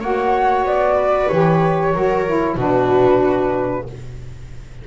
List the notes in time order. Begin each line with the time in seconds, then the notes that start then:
0.00 A#3 F#4 C#5 F#5
0.64 B3 D5
0.93 B4
1.28 E3 G4 C#5
1.93 F#3 F#4 A#4
2.26 E4
2.55 B2 D4 F#4 B4